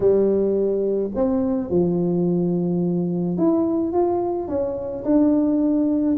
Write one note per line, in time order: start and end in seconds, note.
0.00 1.10 G3
1.15 1.70 C4
1.70 3.37 F3
3.37 3.92 E4
3.92 4.48 F4
4.48 5.04 C#4
5.04 6.16 D4